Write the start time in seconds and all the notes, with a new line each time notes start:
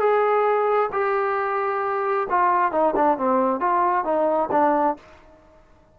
0.00 G#4
0.92 G4
2.30 F4
2.72 D#4
2.96 D4
3.18 C4
3.61 F4
4.05 D#4
4.52 D4